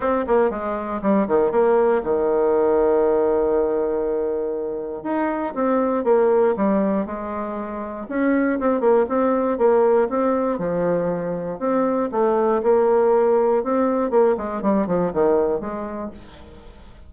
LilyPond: \new Staff \with { instrumentName = "bassoon" } { \time 4/4 \tempo 4 = 119 c'8 ais8 gis4 g8 dis8 ais4 | dis1~ | dis2 dis'4 c'4 | ais4 g4 gis2 |
cis'4 c'8 ais8 c'4 ais4 | c'4 f2 c'4 | a4 ais2 c'4 | ais8 gis8 g8 f8 dis4 gis4 | }